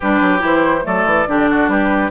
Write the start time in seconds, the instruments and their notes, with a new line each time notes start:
0.00 bassoon G3, clarinet D4, oboe G4, flute B4
0.21 bassoon F#3
0.39 bassoon E3, clarinet E4, flute C5
0.83 bassoon F#3, clarinet A3, oboe A4, flute D5
1.05 bassoon E3
1.28 bassoon D3, clarinet D4, oboe G4
1.49 oboe F#4
1.67 bassoon G3, oboe G4, flute B4